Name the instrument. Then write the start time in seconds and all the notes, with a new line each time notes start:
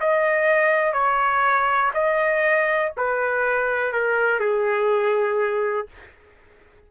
trumpet
0.00 D#5
0.93 C#5
1.94 D#5
2.97 B4
3.92 A#4
4.39 G#4